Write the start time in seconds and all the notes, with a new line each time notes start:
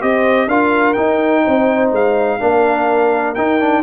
0.00 C4 G4 C5 D#5
0.47 D4 F4 A#4 F5
0.93 D#4 G5
1.44 C4 C5
1.91 G#3 F5
2.39 A#3 D4 A#4
3.34 D#4 G5
3.60 D4